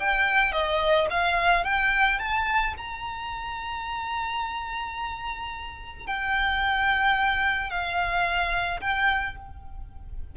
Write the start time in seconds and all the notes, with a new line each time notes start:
0.00 G5
0.52 D#5
1.10 F5
1.64 G5
2.19 A5
2.77 A#5
6.07 G5
7.70 F5
8.81 G5